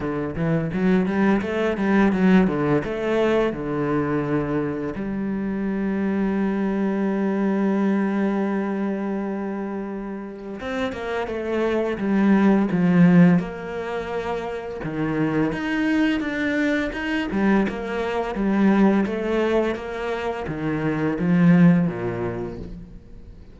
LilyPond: \new Staff \with { instrumentName = "cello" } { \time 4/4 \tempo 4 = 85 d8 e8 fis8 g8 a8 g8 fis8 d8 | a4 d2 g4~ | g1~ | g2. c'8 ais8 |
a4 g4 f4 ais4~ | ais4 dis4 dis'4 d'4 | dis'8 g8 ais4 g4 a4 | ais4 dis4 f4 ais,4 | }